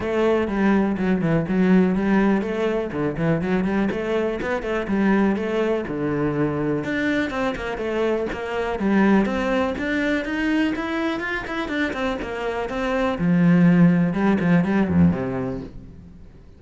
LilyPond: \new Staff \with { instrumentName = "cello" } { \time 4/4 \tempo 4 = 123 a4 g4 fis8 e8 fis4 | g4 a4 d8 e8 fis8 g8 | a4 b8 a8 g4 a4 | d2 d'4 c'8 ais8 |
a4 ais4 g4 c'4 | d'4 dis'4 e'4 f'8 e'8 | d'8 c'8 ais4 c'4 f4~ | f4 g8 f8 g8 f,8 c4 | }